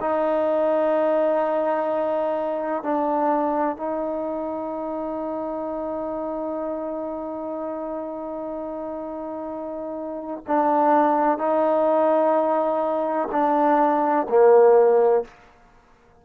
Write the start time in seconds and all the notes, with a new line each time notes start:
0.00 D#4
2.82 D4
3.76 D#4
10.47 D4
11.38 D#4
13.31 D4
14.29 A#3